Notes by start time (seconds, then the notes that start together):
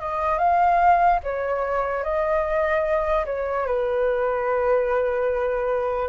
0.00 D#5
0.38 F5
1.23 C#5
2.03 D#5
3.26 C#5
3.67 B4